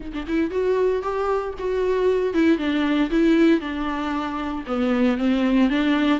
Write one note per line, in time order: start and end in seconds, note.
0.00 0.12 D#4
0.13 0.26 D4
0.27 0.50 E4
0.50 1.02 F#4
1.02 1.54 G4
1.58 2.33 F#4
2.33 2.58 E4
2.58 3.09 D4
3.10 3.60 E4
3.60 4.64 D4
4.66 5.17 B3
5.17 5.69 C4
5.69 6.20 D4